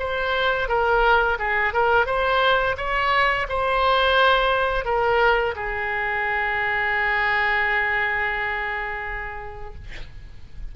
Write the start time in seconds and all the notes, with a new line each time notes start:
0.00 C5
0.69 A#4
1.39 G#4
1.74 A#4
2.06 C5
2.78 C#5
3.49 C5
4.86 A#4
5.56 G#4